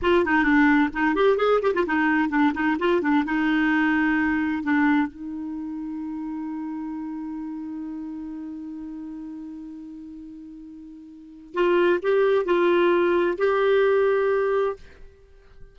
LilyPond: \new Staff \with { instrumentName = "clarinet" } { \time 4/4 \tempo 4 = 130 f'8 dis'8 d'4 dis'8 g'8 gis'8 g'16 f'16 | dis'4 d'8 dis'8 f'8 d'8 dis'4~ | dis'2 d'4 dis'4~ | dis'1~ |
dis'1~ | dis'1~ | dis'4 f'4 g'4 f'4~ | f'4 g'2. | }